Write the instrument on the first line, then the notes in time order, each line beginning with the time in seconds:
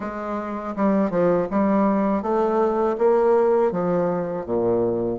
bassoon
0.00 G#3
0.75 G3
1.10 F3
1.50 G3
2.22 A3
2.98 A#3
3.71 F3
4.45 A#2